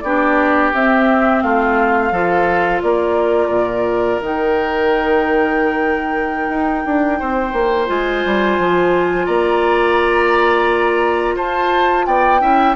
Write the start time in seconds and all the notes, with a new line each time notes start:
0.00 B3 D4 G4 D5
0.73 C4 E5
1.41 A3 F4 F5
2.11 F3 F4 A4
2.82 A#3 A#4 D5
3.49 A#2
4.21 D#3 D#4 G5
6.49 D#4
6.85 D4
7.19 C4 C5
7.52 A#3
7.87 G#3 F4 G#5
8.25 G3
8.58 F3
9.25 A#3 D5 A#5
11.35 F4 C5 A5
12.06 B3 D5 G5
12.40 C#4 E4 E5